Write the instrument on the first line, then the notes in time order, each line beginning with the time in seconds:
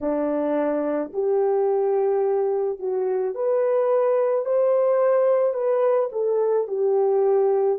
horn
0.00 D4
1.13 G4
2.79 F#4
3.34 B4
4.45 C5
5.53 B4
6.12 A4
6.67 G4